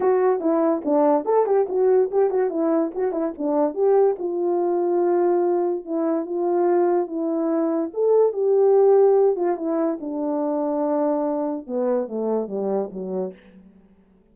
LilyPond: \new Staff \with { instrumentName = "horn" } { \time 4/4 \tempo 4 = 144 fis'4 e'4 d'4 a'8 g'8 | fis'4 g'8 fis'8 e'4 fis'8 e'8 | d'4 g'4 f'2~ | f'2 e'4 f'4~ |
f'4 e'2 a'4 | g'2~ g'8 f'8 e'4 | d'1 | b4 a4 g4 fis4 | }